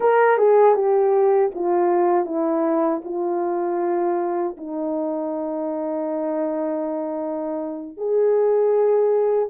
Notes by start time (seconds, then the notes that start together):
0.00 A#4
0.37 G#4
0.74 G4
1.54 F4
2.25 E4
3.04 F4
4.57 D#4
7.97 G#4